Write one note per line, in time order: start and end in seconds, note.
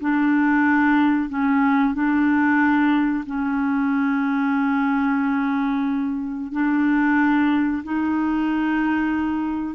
0.00 1.29 D4
1.29 1.94 C#4
1.94 3.24 D4
3.25 6.52 C#4
6.52 7.82 D4
7.83 9.75 D#4